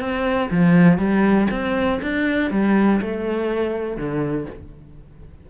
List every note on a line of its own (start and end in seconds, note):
0.00 0.50 C4
0.51 0.98 F3
0.98 1.48 G3
1.51 2.01 C4
2.02 2.51 D4
2.51 3.01 G3
3.01 3.97 A3
3.97 4.47 D3